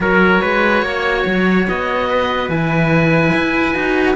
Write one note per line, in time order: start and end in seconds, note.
0.00 0.40 F#3
0.00 2.51 F#4
0.00 0.41 A#4
0.00 1.67 C#5
0.41 0.82 G#3
0.41 0.83 B4
0.82 1.24 A#3
0.82 2.08 C#5
1.26 1.67 F#3
1.68 2.48 B3
1.68 2.49 D#5
2.09 4.15 B4
2.48 3.32 E3
2.48 3.73 E4
2.48 4.15 G#5
3.33 3.74 E4
3.73 4.15 D#4
3.73 4.15 F#4